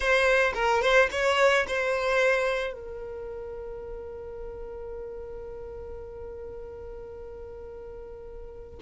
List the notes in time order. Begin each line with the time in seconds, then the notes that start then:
0.00 C5
0.54 A#4
0.81 C5
1.11 C#5
1.67 C5
2.73 A#4